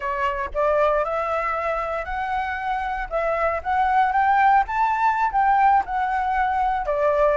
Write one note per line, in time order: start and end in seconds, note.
0.00 0.50 C#5
0.54 1.04 D5
1.04 2.04 E5
2.04 3.08 F#5
3.09 3.61 E5
3.63 4.12 F#5
4.12 4.64 G5
4.67 5.31 A5
5.31 5.83 G5
5.85 6.86 F#5
6.86 7.37 D5